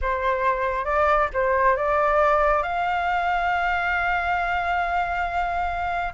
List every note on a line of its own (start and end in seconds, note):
0.01 0.85 C5
0.85 1.28 D5
1.33 1.76 C5
1.76 2.63 D5
2.63 6.13 F5